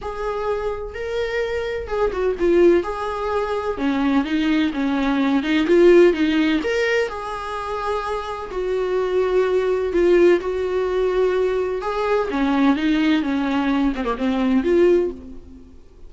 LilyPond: \new Staff \with { instrumentName = "viola" } { \time 4/4 \tempo 4 = 127 gis'2 ais'2 | gis'8 fis'8 f'4 gis'2 | cis'4 dis'4 cis'4. dis'8 | f'4 dis'4 ais'4 gis'4~ |
gis'2 fis'2~ | fis'4 f'4 fis'2~ | fis'4 gis'4 cis'4 dis'4 | cis'4. c'16 ais16 c'4 f'4 | }